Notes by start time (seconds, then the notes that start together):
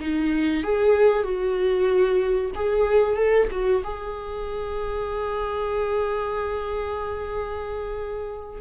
0.00 D#4
0.64 G#4
1.23 F#4
2.55 G#4
3.16 A4
3.51 F#4
3.84 G#4